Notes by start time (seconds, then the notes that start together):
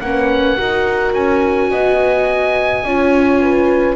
0.00 A#3 C#4 B4 F#5
0.58 D#4 F#4 A#4
1.13 C#4 G#5
1.71 B3 D#5
2.84 C#4 F4 C#5
3.42 B4